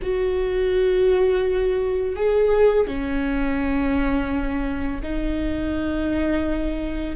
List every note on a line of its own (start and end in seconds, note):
0.02 2.16 F#4
2.16 2.87 G#4
2.87 5.01 C#4
5.02 7.15 D#4